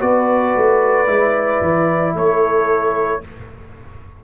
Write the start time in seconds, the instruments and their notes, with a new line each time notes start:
0.00 tuba B3, trombone F#4, horn B4, trumpet D5
0.56 tuba A3
1.07 tuba G#3, trombone E4
1.61 tuba E3
2.14 tuba A3, horn A4, trumpet C#5